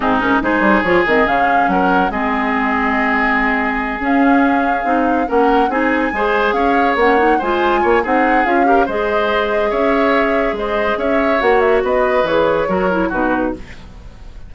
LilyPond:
<<
  \new Staff \with { instrumentName = "flute" } { \time 4/4 \tempo 4 = 142 gis'8 ais'8 c''4 cis''8 dis''8 f''4 | fis''4 dis''2.~ | dis''4. f''2~ f''8~ | f''8 fis''4 gis''2 f''8~ |
f''8 fis''4 gis''4. fis''4 | f''4 dis''2 e''4~ | e''4 dis''4 e''4 fis''8 e''8 | dis''4 cis''2 b'4 | }
  \new Staff \with { instrumentName = "oboe" } { \time 4/4 dis'4 gis'2. | ais'4 gis'2.~ | gis'1~ | gis'8 ais'4 gis'4 c''4 cis''8~ |
cis''4. c''4 cis''8 gis'4~ | gis'8 ais'8 c''2 cis''4~ | cis''4 c''4 cis''2 | b'2 ais'4 fis'4 | }
  \new Staff \with { instrumentName = "clarinet" } { \time 4/4 c'8 cis'8 dis'4 f'8 c'8 cis'4~ | cis'4 c'2.~ | c'4. cis'2 dis'8~ | dis'8 cis'4 dis'4 gis'4.~ |
gis'8 cis'8 dis'8 f'4. dis'4 | f'8 g'8 gis'2.~ | gis'2. fis'4~ | fis'4 gis'4 fis'8 e'8 dis'4 | }
  \new Staff \with { instrumentName = "bassoon" } { \time 4/4 gis,4 gis8 g8 f8 dis8 cis4 | fis4 gis2.~ | gis4. cis'2 c'8~ | c'8 ais4 c'4 gis4 cis'8~ |
cis'8 ais4 gis4 ais8 c'4 | cis'4 gis2 cis'4~ | cis'4 gis4 cis'4 ais4 | b4 e4 fis4 b,4 | }
>>